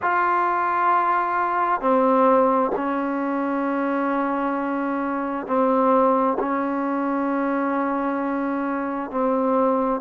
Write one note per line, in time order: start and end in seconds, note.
0.02 1.80 F4
1.80 2.71 C4
2.75 5.46 C#4
5.46 6.37 C4
6.39 9.10 C#4
9.10 10.00 C4